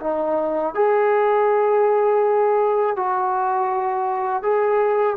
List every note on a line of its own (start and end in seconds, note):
0.00 0.74 D#4
0.74 2.96 G#4
2.96 4.42 F#4
4.42 5.16 G#4